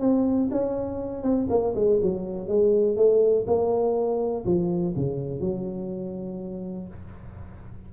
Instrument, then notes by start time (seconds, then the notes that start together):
tuba
0.00 C4
0.51 C#4
1.22 C4
1.49 A#3
1.75 G#3
2.02 F#3
2.47 G#3
2.96 A3
3.46 A#3
4.45 F3
4.96 C#3
5.40 F#3